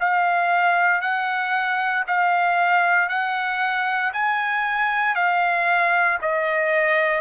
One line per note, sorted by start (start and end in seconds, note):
0.00 1.01 F5
1.01 2.05 F#5
2.07 3.09 F5
3.09 4.12 F#5
4.13 5.15 G#5
5.15 6.19 F5
6.22 7.21 D#5